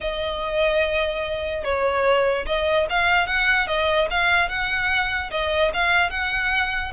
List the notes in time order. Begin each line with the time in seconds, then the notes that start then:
0.00 D#5
1.64 C#5
2.45 D#5
2.89 F5
3.26 F#5
3.67 D#5
4.10 F5
4.48 F#5
5.30 D#5
5.73 F5
6.10 F#5